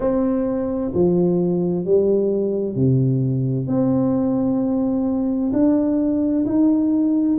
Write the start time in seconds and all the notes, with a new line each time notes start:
0.00 C4
0.94 F3
1.85 G3
2.75 C3
3.67 C4
5.52 D4
6.45 D#4